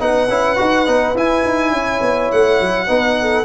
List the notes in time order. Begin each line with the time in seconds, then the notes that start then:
0.00 B3 D#4 B4 F#5
0.29 C#4 E4
0.57 D#4 F#4
0.87 B3 D#4
1.15 E4 G#5
1.45 D#4
1.72 C#4 C#5
2.01 B3
2.32 A3 F#5
2.61 F#3
2.87 B3 D#4 B4
3.21 A4